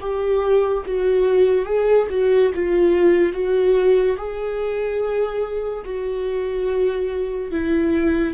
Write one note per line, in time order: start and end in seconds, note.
0.00 0.83 G4
0.86 1.66 F#4
1.66 2.07 G#4
2.10 2.52 F#4
2.55 3.33 F4
3.33 4.17 F#4
4.17 5.84 G#4
5.84 7.51 F#4
7.52 8.34 E4